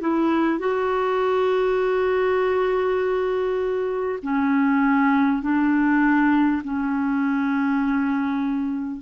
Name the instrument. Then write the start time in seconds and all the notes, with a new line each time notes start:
clarinet
0.00 E4
0.59 F#4
4.22 C#4
5.42 D4
6.64 C#4